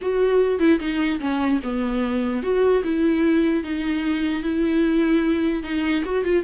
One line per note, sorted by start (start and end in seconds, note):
0.01 0.59 F#4
0.59 0.79 E4
0.79 1.19 D#4
1.20 1.60 C#4
1.63 2.42 B3
2.42 2.83 F#4
2.83 3.63 E4
3.63 4.42 D#4
4.42 5.63 E4
5.63 6.03 D#4
6.04 6.24 F#4
6.24 6.43 F4